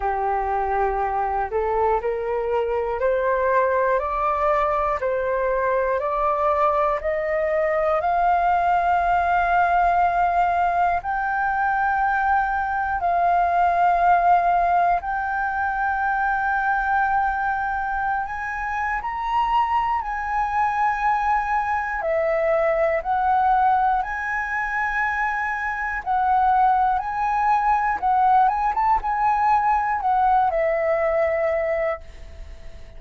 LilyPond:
\new Staff \with { instrumentName = "flute" } { \time 4/4 \tempo 4 = 60 g'4. a'8 ais'4 c''4 | d''4 c''4 d''4 dis''4 | f''2. g''4~ | g''4 f''2 g''4~ |
g''2~ g''16 gis''8. ais''4 | gis''2 e''4 fis''4 | gis''2 fis''4 gis''4 | fis''8 gis''16 a''16 gis''4 fis''8 e''4. | }